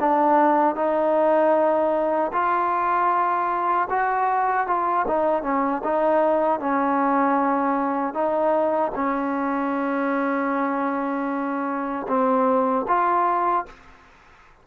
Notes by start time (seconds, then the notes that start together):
0.00 D4
0.75 D#4
2.32 F4
3.89 F#4
4.66 F4
5.07 D#4
5.43 C#4
5.83 D#4
6.60 C#4
8.13 D#4
8.95 C#4
12.07 C4
12.87 F4